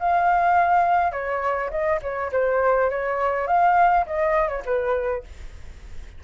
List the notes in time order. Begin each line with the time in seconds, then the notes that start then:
0.00 F5
1.12 C#5
1.71 D#5
2.03 C#5
2.32 C5
2.91 C#5
3.48 F5
4.07 D#5
4.49 C#5
4.66 B4